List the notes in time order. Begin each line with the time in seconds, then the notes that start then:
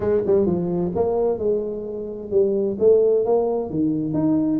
0.00 G#3
0.26 G3
0.46 F3
0.95 A#3
1.38 G#3
2.31 G3
2.79 A3
3.25 A#3
3.70 D#3
4.13 D#4